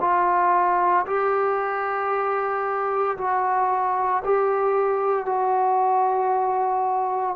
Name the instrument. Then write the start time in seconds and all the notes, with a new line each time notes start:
trombone
0.00 F4
1.06 G4
3.17 F#4
4.24 G4
5.25 F#4